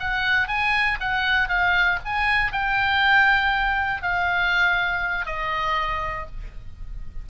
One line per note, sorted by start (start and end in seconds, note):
0.00 0.48 F#5
0.48 0.99 G#5
1.00 1.49 F#5
1.49 1.99 F5
2.05 2.52 G#5
2.52 4.02 G5
4.02 5.26 F5
5.26 6.27 D#5